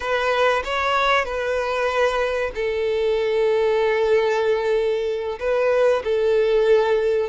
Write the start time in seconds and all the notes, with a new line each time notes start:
0.00 B4
0.64 C#5
1.24 B4
2.54 A4
5.39 B4
6.03 A4